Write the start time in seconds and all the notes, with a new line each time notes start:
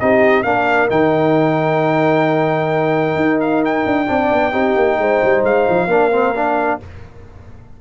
0.00 C4 D#4 G4 D#5
0.43 A#3 D4 A#4 F5
0.89 D#3 D#4 G5
3.16 D#4
3.41 F5
3.65 G5
3.86 D4
4.07 C4 D4 D5
4.32 B3
4.52 C4 D#4 G4
4.76 A#3
4.99 G#3 C5
5.24 G3
5.44 G#3 F5
5.69 F3
5.87 A#3 D4 A#4
6.12 C4
6.35 D4